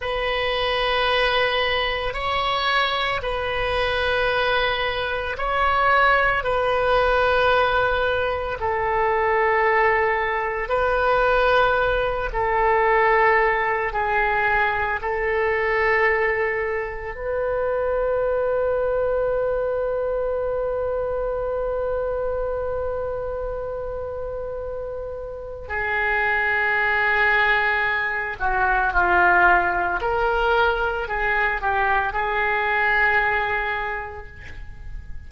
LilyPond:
\new Staff \with { instrumentName = "oboe" } { \time 4/4 \tempo 4 = 56 b'2 cis''4 b'4~ | b'4 cis''4 b'2 | a'2 b'4. a'8~ | a'4 gis'4 a'2 |
b'1~ | b'1 | gis'2~ gis'8 fis'8 f'4 | ais'4 gis'8 g'8 gis'2 | }